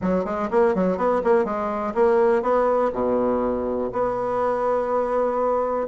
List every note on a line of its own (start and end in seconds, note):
0.01 0.24 F#3
0.24 0.49 G#3
0.51 0.75 A#3
0.75 0.97 F#3
0.97 1.21 B3
1.24 1.44 A#3
1.44 1.93 G#3
1.94 2.42 A#3
2.42 2.91 B3
2.92 3.90 B2
3.92 5.87 B3